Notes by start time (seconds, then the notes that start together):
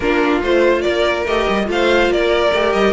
0.00 A#3 D4 F4 A#4
0.42 A3 F4 C5
0.81 A#3 A#4 D5
1.25 A3 G4 D#5
1.49 G3
1.65 A3 F4
1.71 C5 F5
2.09 A#3 A#4 D5
2.53 A3 G4
2.72 G3 D#5